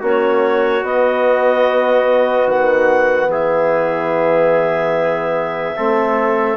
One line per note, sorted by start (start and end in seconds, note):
0.00 0.82 A#3
0.00 0.82 C#4
0.00 3.29 F#4
0.00 0.85 C#5
0.82 5.75 B3
0.82 2.46 B3
0.82 2.48 D#5
2.46 3.27 D#3
2.46 3.30 F#5
3.27 5.74 E3
3.27 5.76 G#4
3.27 6.57 E5
5.75 6.57 A3
5.75 6.57 C4
5.75 6.57 A4